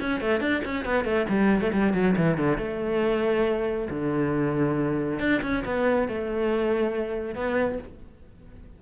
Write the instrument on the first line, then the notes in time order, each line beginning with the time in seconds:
cello
0.00 C#4
0.21 A3
0.40 D4
0.64 C#4
0.85 B3
1.04 A3
1.29 G3
1.61 A3
1.72 G3
1.93 F#3
2.16 E3
2.37 D3
2.58 A3
3.89 D3
5.19 D4
5.42 C#4
5.65 B3
6.08 A3
7.35 B3